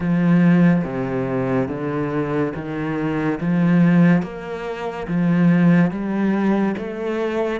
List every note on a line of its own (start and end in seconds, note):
0.00 0.83 F3
0.83 1.68 C3
1.68 2.53 D3
2.55 3.39 D#3
3.40 4.22 F3
4.22 5.06 A#3
5.07 5.90 F3
5.90 6.75 G3
6.77 7.60 A3